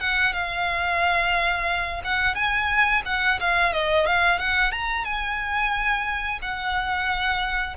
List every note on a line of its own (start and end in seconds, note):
0.00 0.33 F#5
0.33 2.01 F5
2.04 2.35 F#5
2.35 3.02 G#5
3.05 3.39 F#5
3.40 3.72 F5
3.72 4.06 D#5
4.06 4.38 F5
4.38 4.72 F#5
4.72 5.04 A#5
5.04 6.39 G#5
6.42 7.77 F#5